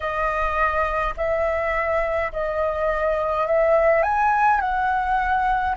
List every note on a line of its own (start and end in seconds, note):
0.00 1.14 D#5
1.16 2.32 E5
2.32 3.46 D#5
3.46 4.02 E5
4.02 4.60 G#5
4.60 5.75 F#5